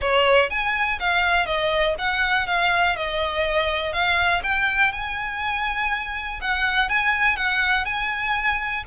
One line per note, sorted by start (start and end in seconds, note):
0.01 0.50 C#5
0.50 0.99 G#5
0.99 1.46 F5
1.46 1.95 D#5
1.98 2.46 F#5
2.46 2.96 F5
2.96 3.92 D#5
3.92 4.42 F5
4.43 4.92 G5
4.92 6.40 G#5
6.41 6.89 F#5
6.89 7.36 G#5
7.36 7.85 F#5
7.85 8.83 G#5